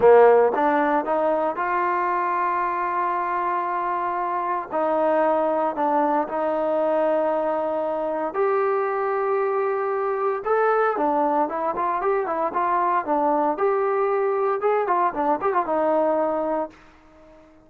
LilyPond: \new Staff \with { instrumentName = "trombone" } { \time 4/4 \tempo 4 = 115 ais4 d'4 dis'4 f'4~ | f'1~ | f'4 dis'2 d'4 | dis'1 |
g'1 | a'4 d'4 e'8 f'8 g'8 e'8 | f'4 d'4 g'2 | gis'8 f'8 d'8 g'16 f'16 dis'2 | }